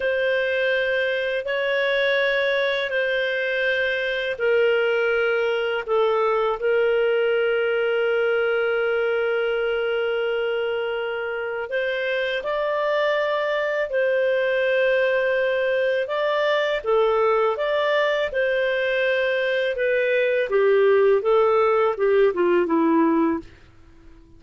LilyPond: \new Staff \with { instrumentName = "clarinet" } { \time 4/4 \tempo 4 = 82 c''2 cis''2 | c''2 ais'2 | a'4 ais'2.~ | ais'1 |
c''4 d''2 c''4~ | c''2 d''4 a'4 | d''4 c''2 b'4 | g'4 a'4 g'8 f'8 e'4 | }